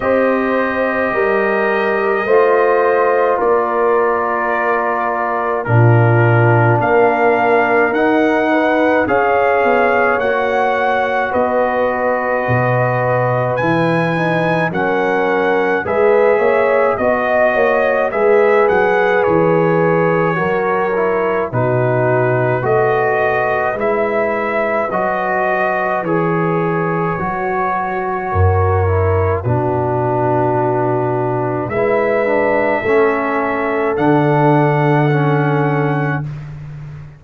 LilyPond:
<<
  \new Staff \with { instrumentName = "trumpet" } { \time 4/4 \tempo 4 = 53 dis''2. d''4~ | d''4 ais'4 f''4 fis''4 | f''4 fis''4 dis''2 | gis''4 fis''4 e''4 dis''4 |
e''8 fis''8 cis''2 b'4 | dis''4 e''4 dis''4 cis''4~ | cis''2 b'2 | e''2 fis''2 | }
  \new Staff \with { instrumentName = "horn" } { \time 4/4 c''4 ais'4 c''4 ais'4~ | ais'4 f'4 ais'4. b'8 | cis''2 b'2~ | b'4 ais'4 b'8 cis''8 dis''8 cis''8 |
b'2 ais'4 fis'4 | b'1~ | b'4 ais'4 fis'2 | b'4 a'2. | }
  \new Staff \with { instrumentName = "trombone" } { \time 4/4 g'2 f'2~ | f'4 d'2 dis'4 | gis'4 fis'2. | e'8 dis'8 cis'4 gis'4 fis'4 |
gis'2 fis'8 e'8 dis'4 | fis'4 e'4 fis'4 gis'4 | fis'4. e'8 d'2 | e'8 d'8 cis'4 d'4 cis'4 | }
  \new Staff \with { instrumentName = "tuba" } { \time 4/4 c'4 g4 a4 ais4~ | ais4 ais,4 ais4 dis'4 | cis'8 b8 ais4 b4 b,4 | e4 fis4 gis8 ais8 b8 ais8 |
gis8 fis8 e4 fis4 b,4 | a4 gis4 fis4 e4 | fis4 fis,4 b,2 | gis4 a4 d2 | }
>>